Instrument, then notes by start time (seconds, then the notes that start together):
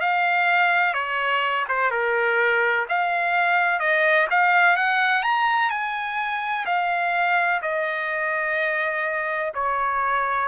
trumpet
0.00 F5
0.94 C#5
1.68 C5
1.90 A#4
2.88 F5
3.80 D#5
4.30 F5
4.76 F#5
5.23 A#5
5.70 G#5
6.65 F5
7.62 D#5
9.54 C#5